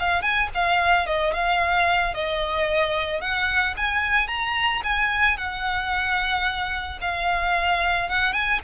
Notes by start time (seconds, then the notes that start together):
0.00 F5
0.22 G#5
0.55 F5
1.07 D#5
1.34 F5
2.14 D#5
3.21 F#5
3.77 G#5
4.28 A#5
4.84 G#5
5.38 F#5
7.02 F5
8.10 F#5
8.33 G#5